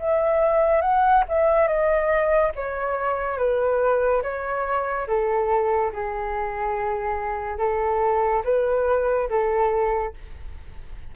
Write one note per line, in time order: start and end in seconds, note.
0.00 0.82 E5
0.82 1.24 F#5
1.29 1.68 E5
1.68 2.52 D#5
2.56 3.38 C#5
3.38 4.23 B4
4.23 5.07 C#5
5.08 5.92 A4
5.93 7.59 G#4
7.59 8.43 A4
8.45 9.30 B4
9.30 10.14 A4